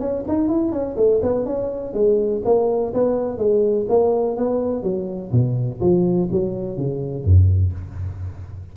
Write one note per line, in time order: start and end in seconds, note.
0.00 0.24 C#4
0.28 0.48 D#4
0.48 0.72 E4
0.72 0.96 C#4
0.96 1.21 A3
1.22 1.46 B3
1.46 1.93 C#4
1.93 2.42 G#3
2.45 2.93 A#3
2.93 3.38 B3
3.38 3.86 G#3
3.89 4.37 A#3
4.37 4.83 B3
4.83 5.31 F#3
5.32 5.80 B2
5.80 6.28 F3
6.31 6.77 F#3
6.77 7.24 C#3
7.24 7.72 F#2